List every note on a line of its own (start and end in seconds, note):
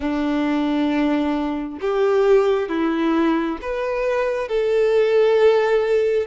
0.00 1.79 D4
1.80 2.68 G4
2.68 3.58 E4
3.61 4.48 B4
4.48 6.26 A4